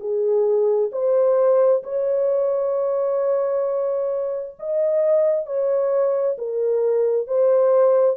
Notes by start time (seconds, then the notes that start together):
0.00 G#4
0.92 C5
1.83 C#5
4.60 D#5
5.46 C#5
6.38 A#4
7.28 C5